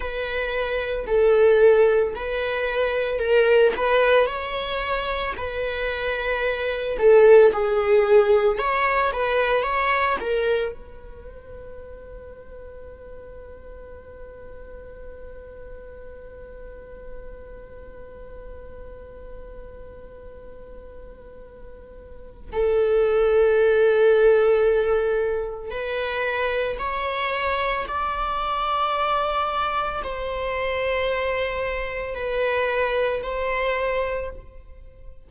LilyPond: \new Staff \with { instrumentName = "viola" } { \time 4/4 \tempo 4 = 56 b'4 a'4 b'4 ais'8 b'8 | cis''4 b'4. a'8 gis'4 | cis''8 b'8 cis''8 ais'8 b'2~ | b'1~ |
b'1~ | b'4 a'2. | b'4 cis''4 d''2 | c''2 b'4 c''4 | }